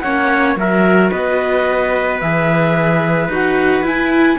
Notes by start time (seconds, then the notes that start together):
0.00 A#3 C#4 C#5 F#5
0.56 F#3 F#4 A#4 E5
1.10 B3 B4 D#5
2.19 E3 G#4 E5
3.28 D#4 F#4 F#5
3.82 E4 G#5